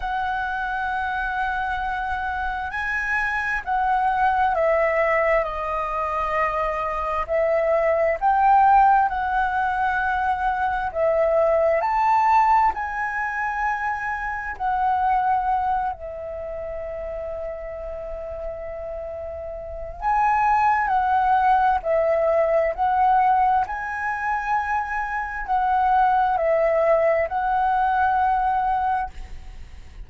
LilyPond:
\new Staff \with { instrumentName = "flute" } { \time 4/4 \tempo 4 = 66 fis''2. gis''4 | fis''4 e''4 dis''2 | e''4 g''4 fis''2 | e''4 a''4 gis''2 |
fis''4. e''2~ e''8~ | e''2 gis''4 fis''4 | e''4 fis''4 gis''2 | fis''4 e''4 fis''2 | }